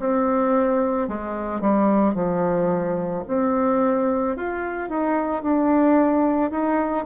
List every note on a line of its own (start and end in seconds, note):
0.00 1.08 C4
1.08 1.61 G#3
1.61 2.15 G3
2.15 3.24 F3
3.28 4.36 C4
4.36 4.89 F4
4.89 5.42 D#4
5.42 6.51 D4
6.51 7.05 D#4